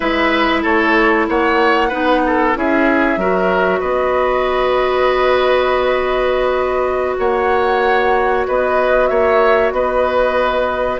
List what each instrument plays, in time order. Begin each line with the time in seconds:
0.00 bassoon G#3, clarinet E4, oboe B4, flute E5
0.62 bassoon A3, oboe A4, flute C#5
1.28 bassoon A#3, oboe C#5, flute F#5
1.88 bassoon B3, clarinet D#4, oboe B4
2.26 oboe A4
2.54 bassoon C#4, clarinet E4, oboe G#4, flute E5
3.16 bassoon F#3, clarinet F#4, oboe A#4
3.79 bassoon B3, oboe B4, flute D#5
7.17 bassoon A#3, oboe C#5, flute F#5
8.47 bassoon B3, oboe B4, flute D#5
9.07 bassoon A#3, oboe C#5, flute E5
9.71 bassoon B3, oboe B4, flute D#5